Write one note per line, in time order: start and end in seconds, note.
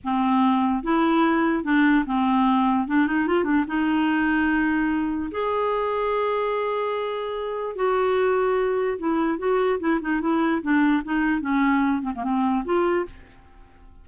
0.03 0.83 C4
0.83 1.63 E4
1.63 2.04 D4
2.06 2.87 C4
2.87 3.06 D4
3.06 3.27 D#4
3.27 3.44 F4
3.44 3.64 D4
3.67 5.30 D#4
5.31 7.75 G#4
7.75 8.98 F#4
8.98 9.38 E4
9.38 9.79 F#4
9.79 9.99 E4
10.01 10.21 D#4
10.21 10.61 E4
10.62 11.03 D4
11.04 11.40 D#4
11.40 12.01 C#4
12.01 12.12 C4
12.15 12.23 A#3
12.23 12.64 C4
12.64 13.05 F4